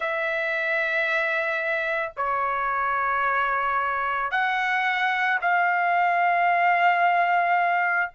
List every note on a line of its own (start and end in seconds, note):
0.00 2.12 E5
2.16 4.31 C#5
4.31 5.39 F#5
5.41 8.11 F5